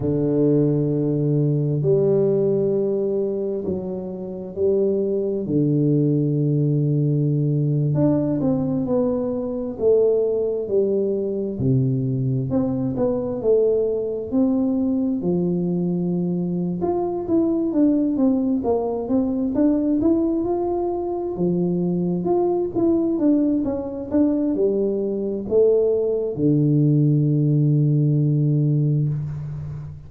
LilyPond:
\new Staff \with { instrumentName = "tuba" } { \time 4/4 \tempo 4 = 66 d2 g2 | fis4 g4 d2~ | d8. d'8 c'8 b4 a4 g16~ | g8. c4 c'8 b8 a4 c'16~ |
c'8. f4.~ f16 f'8 e'8 d'8 | c'8 ais8 c'8 d'8 e'8 f'4 f8~ | f8 f'8 e'8 d'8 cis'8 d'8 g4 | a4 d2. | }